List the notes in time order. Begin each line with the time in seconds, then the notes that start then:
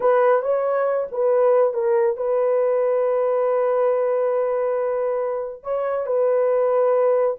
0.00 B4
0.42 C#5
1.11 B4
1.73 A#4
2.16 B4
5.63 C#5
6.06 B4